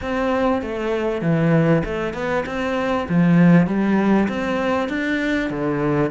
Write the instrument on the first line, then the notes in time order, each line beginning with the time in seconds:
cello
0.01 C4
0.62 A3
1.21 E3
1.85 A3
2.13 B3
2.46 C4
3.08 F3
3.66 G3
4.28 C4
4.88 D4
5.50 D3